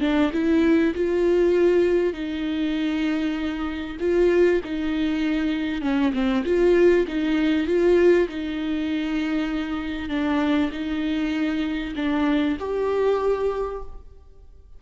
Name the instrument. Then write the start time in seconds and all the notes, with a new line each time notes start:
viola
0.00 D4
0.32 E4
0.94 F4
2.13 D#4
4.00 F4
4.64 D#4
5.81 C#4
6.13 C4
6.45 F4
7.07 D#4
7.67 F4
8.28 D#4
10.09 D4
10.71 D#4
11.96 D4
12.59 G4